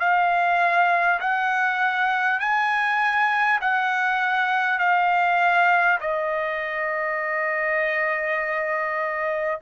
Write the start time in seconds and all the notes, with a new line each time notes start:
0.00 F5
1.20 F#5
2.39 G#5
3.61 F#5
4.79 F5
6.01 D#5